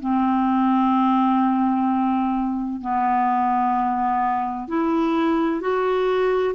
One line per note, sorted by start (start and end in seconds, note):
0.00 2.81 C4
2.81 4.68 B3
4.68 5.61 E4
5.61 6.55 F#4